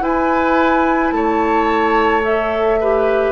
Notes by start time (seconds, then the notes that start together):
0.00 E4 B4 G#5
1.11 A3 C#5 A5
2.21 A4 E5
2.80 G4 B4